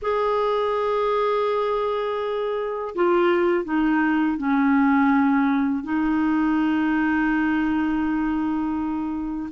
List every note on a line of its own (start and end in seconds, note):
0.02 2.94 G#4
2.95 3.64 F4
3.64 4.37 D#4
4.37 5.83 C#4
5.83 9.49 D#4